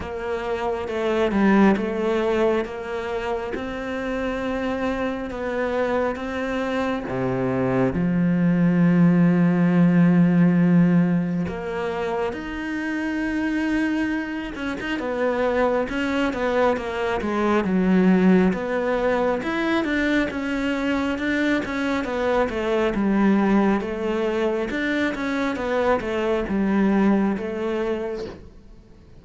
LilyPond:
\new Staff \with { instrumentName = "cello" } { \time 4/4 \tempo 4 = 68 ais4 a8 g8 a4 ais4 | c'2 b4 c'4 | c4 f2.~ | f4 ais4 dis'2~ |
dis'8 cis'16 dis'16 b4 cis'8 b8 ais8 gis8 | fis4 b4 e'8 d'8 cis'4 | d'8 cis'8 b8 a8 g4 a4 | d'8 cis'8 b8 a8 g4 a4 | }